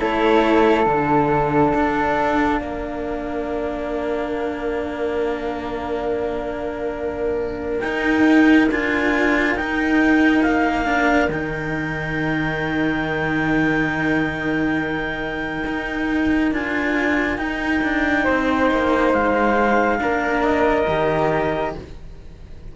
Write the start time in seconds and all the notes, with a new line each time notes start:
0.00 A3 E4 A4 C#5
0.85 D3 D4 F5
1.74 D4
2.61 A#3 A#4
7.80 D#4 G5
8.71 D4 F4 G#5
9.55 D#4 G5
10.43 A#3 F5
10.85 D4
11.29 D#3 D#4 G5
15.66 D#4
16.52 D4 F4 G#5
17.37 D#4 G5
17.83 D4
18.24 C4 C5
18.72 A#3
19.13 G#3 F5
19.99 A#3 D4 A#4
20.43 D#5
20.87 D#3 G4